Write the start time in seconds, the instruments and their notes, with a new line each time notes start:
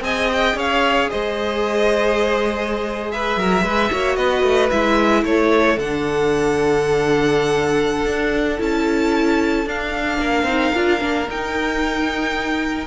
0.00 cello C4, viola G#4, violin D#5 G#5
0.31 violin G5
0.55 cello C#4, violin C#5 F5
1.10 cello G#3, violin C5 D#5
3.11 violin B4 E5
3.36 cello F#3, violin A#4
3.62 cello G#3, violin B4
3.90 cello A#3, viola F#4, violin C#5
4.16 cello B3, violin B4 D#5
4.43 cello A3
4.70 cello G#3, viola E4, violin E5
5.22 cello A3, violin A4 C#5
5.77 cello D3, viola D4, violin F#5
8.05 cello D4
8.58 cello C#4, viola E4, violin A5
9.65 cello D4, viola D4, violin F5
10.18 cello A#3, violin A#4
10.43 cello C4, viola D#4
10.74 cello D4, viola F4
10.99 cello A#3, viola D4
11.28 cello D#4, viola D#4, violin G5